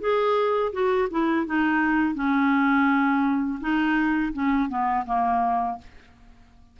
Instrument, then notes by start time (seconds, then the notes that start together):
clarinet
0.00 G#4
0.73 F#4
1.10 E4
1.46 D#4
2.15 C#4
3.60 D#4
4.33 C#4
4.69 B3
5.06 A#3